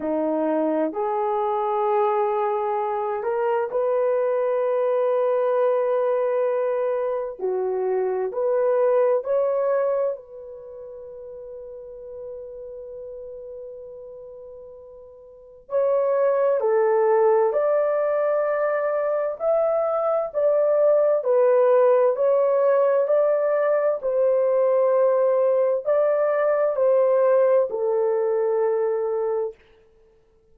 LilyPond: \new Staff \with { instrumentName = "horn" } { \time 4/4 \tempo 4 = 65 dis'4 gis'2~ gis'8 ais'8 | b'1 | fis'4 b'4 cis''4 b'4~ | b'1~ |
b'4 cis''4 a'4 d''4~ | d''4 e''4 d''4 b'4 | cis''4 d''4 c''2 | d''4 c''4 a'2 | }